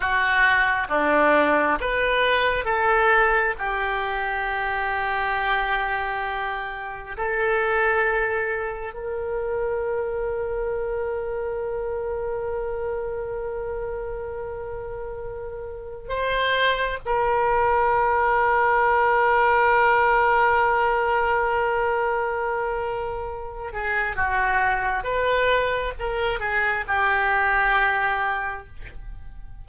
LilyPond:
\new Staff \with { instrumentName = "oboe" } { \time 4/4 \tempo 4 = 67 fis'4 d'4 b'4 a'4 | g'1 | a'2 ais'2~ | ais'1~ |
ais'2 c''4 ais'4~ | ais'1~ | ais'2~ ais'8 gis'8 fis'4 | b'4 ais'8 gis'8 g'2 | }